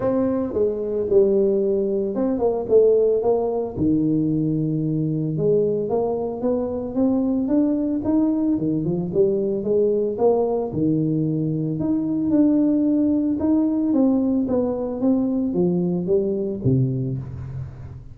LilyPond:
\new Staff \with { instrumentName = "tuba" } { \time 4/4 \tempo 4 = 112 c'4 gis4 g2 | c'8 ais8 a4 ais4 dis4~ | dis2 gis4 ais4 | b4 c'4 d'4 dis'4 |
dis8 f8 g4 gis4 ais4 | dis2 dis'4 d'4~ | d'4 dis'4 c'4 b4 | c'4 f4 g4 c4 | }